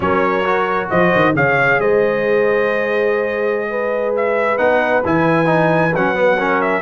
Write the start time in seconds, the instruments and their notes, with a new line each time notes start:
0.00 tuba F#3, trombone C#4, horn A#4, trumpet C#5
0.44 trombone F#4
0.89 tuba F3, horn C5, trumpet D#5
1.15 tuba D#3
1.34 tuba C#3, trombone G#4, horn C#5, trumpet F5
1.78 tuba G#3, horn C5, trumpet D#5
3.70 horn B4
4.15 trumpet E5
4.57 tuba B3, trombone D#4, trumpet F#5
5.04 tuba E3, trombone E4, trumpet G#5
5.45 trombone D#4
5.94 tuba F#3, trombone C#4, trumpet F#5
6.14 trombone B3
6.37 trombone C#4, horn A#4
6.61 trumpet E5